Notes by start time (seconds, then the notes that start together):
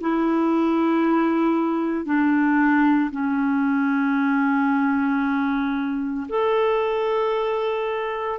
0.00 E4
2.05 D4
3.11 C#4
6.28 A4